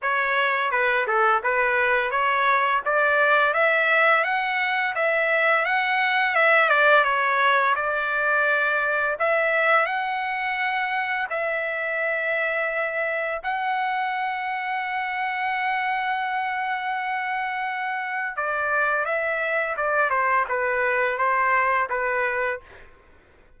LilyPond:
\new Staff \with { instrumentName = "trumpet" } { \time 4/4 \tempo 4 = 85 cis''4 b'8 a'8 b'4 cis''4 | d''4 e''4 fis''4 e''4 | fis''4 e''8 d''8 cis''4 d''4~ | d''4 e''4 fis''2 |
e''2. fis''4~ | fis''1~ | fis''2 d''4 e''4 | d''8 c''8 b'4 c''4 b'4 | }